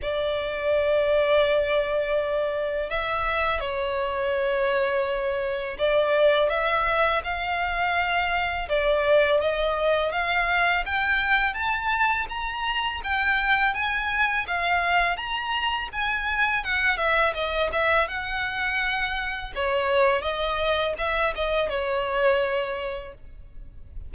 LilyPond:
\new Staff \with { instrumentName = "violin" } { \time 4/4 \tempo 4 = 83 d''1 | e''4 cis''2. | d''4 e''4 f''2 | d''4 dis''4 f''4 g''4 |
a''4 ais''4 g''4 gis''4 | f''4 ais''4 gis''4 fis''8 e''8 | dis''8 e''8 fis''2 cis''4 | dis''4 e''8 dis''8 cis''2 | }